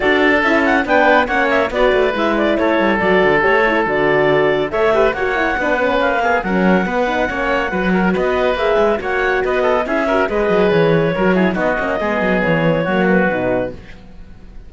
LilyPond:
<<
  \new Staff \with { instrumentName = "clarinet" } { \time 4/4 \tempo 4 = 140 d''4 e''8 fis''8 g''4 fis''8 e''8 | d''4 e''8 d''8 cis''4 d''4 | cis''4 d''2 e''4 | fis''2 f''4 fis''4~ |
fis''2. dis''4 | e''4 fis''4 dis''4 e''4 | dis''4 cis''2 dis''4~ | dis''4 cis''4. b'4. | }
  \new Staff \with { instrumentName = "oboe" } { \time 4/4 a'2 b'4 cis''4 | b'2 a'2~ | a'2. cis''8 b'8 | cis''4 b'4. gis'8 ais'4 |
b'4 cis''4 b'8 ais'8 b'4~ | b'4 cis''4 b'8 a'8 gis'8 ais'8 | b'2 ais'8 gis'8 fis'4 | gis'2 fis'2 | }
  \new Staff \with { instrumentName = "horn" } { \time 4/4 fis'4 e'4 d'4 cis'4 | fis'4 e'2 fis'4 | g'8 e'8 fis'2 a'8 g'8 | fis'8 e'8 d'8 cis'4 b8 cis'4 |
b8 dis'8 cis'4 fis'2 | gis'4 fis'2 e'8 fis'8 | gis'2 fis'8 e'8 dis'8 cis'8 | b2 ais4 dis'4 | }
  \new Staff \with { instrumentName = "cello" } { \time 4/4 d'4 cis'4 b4 ais4 | b8 a8 gis4 a8 g8 fis8 d8 | a4 d2 a4 | ais4 b4 ais4 fis4 |
b4 ais4 fis4 b4 | ais8 gis8 ais4 b4 cis'4 | gis8 fis8 e4 fis4 b8 ais8 | gis8 fis8 e4 fis4 b,4 | }
>>